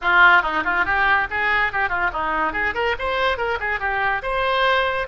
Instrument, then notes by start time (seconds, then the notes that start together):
oboe
0.01 F4
0.42 D#4
0.64 F4
0.85 G4
1.30 G#4
1.72 G4
1.89 F4
2.12 D#4
2.52 G#4
2.74 A#4
2.98 C5
3.37 A#4
3.59 G#4
3.79 G4
4.22 C5